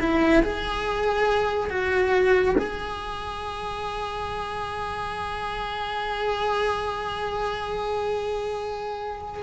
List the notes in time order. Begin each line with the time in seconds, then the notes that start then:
0.00 E4
0.43 G#4
1.70 F#4
2.59 G#4